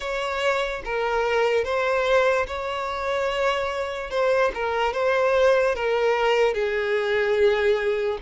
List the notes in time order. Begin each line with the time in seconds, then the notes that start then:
0.00 C#5
0.84 A#4
1.64 C5
2.47 C#5
4.10 C5
4.54 A#4
4.93 C5
5.75 A#4
6.53 G#4